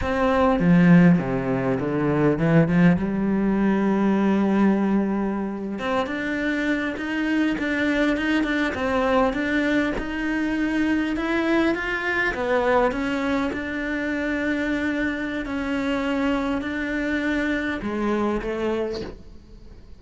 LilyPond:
\new Staff \with { instrumentName = "cello" } { \time 4/4 \tempo 4 = 101 c'4 f4 c4 d4 | e8 f8 g2.~ | g4.~ g16 c'8 d'4. dis'16~ | dis'8. d'4 dis'8 d'8 c'4 d'16~ |
d'8. dis'2 e'4 f'16~ | f'8. b4 cis'4 d'4~ d'16~ | d'2 cis'2 | d'2 gis4 a4 | }